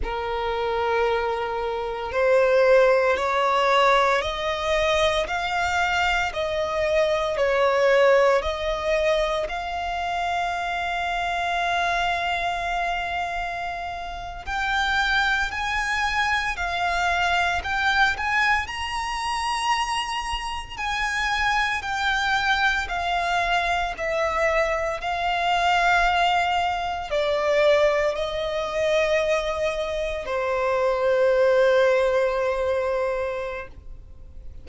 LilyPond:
\new Staff \with { instrumentName = "violin" } { \time 4/4 \tempo 4 = 57 ais'2 c''4 cis''4 | dis''4 f''4 dis''4 cis''4 | dis''4 f''2.~ | f''4.~ f''16 g''4 gis''4 f''16~ |
f''8. g''8 gis''8 ais''2 gis''16~ | gis''8. g''4 f''4 e''4 f''16~ | f''4.~ f''16 d''4 dis''4~ dis''16~ | dis''8. c''2.~ c''16 | }